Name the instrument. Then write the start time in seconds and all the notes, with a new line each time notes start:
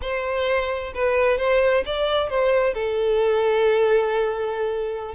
violin
0.01 C5
0.94 B4
1.38 C5
1.85 D5
2.29 C5
2.74 A4